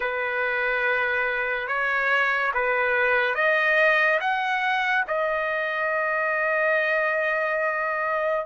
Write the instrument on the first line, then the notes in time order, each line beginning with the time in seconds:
trumpet
0.00 B4
1.67 C#5
2.54 B4
3.35 D#5
4.20 F#5
5.07 D#5